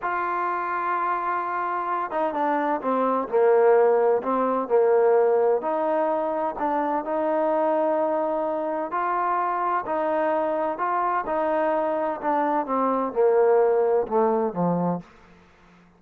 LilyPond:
\new Staff \with { instrumentName = "trombone" } { \time 4/4 \tempo 4 = 128 f'1~ | f'8 dis'8 d'4 c'4 ais4~ | ais4 c'4 ais2 | dis'2 d'4 dis'4~ |
dis'2. f'4~ | f'4 dis'2 f'4 | dis'2 d'4 c'4 | ais2 a4 f4 | }